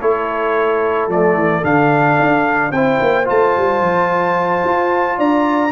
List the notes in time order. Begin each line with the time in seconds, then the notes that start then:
0.00 A3 E4 A4 C#5
1.09 F3 A3 D5
1.35 E3
1.64 D3 D4 F5
2.20 D4
2.71 C4 E4 C5 G5
3.01 A#3
3.25 A3 F4 A5
3.58 G3
3.81 F3
4.65 F4
5.18 D4 D5 A#5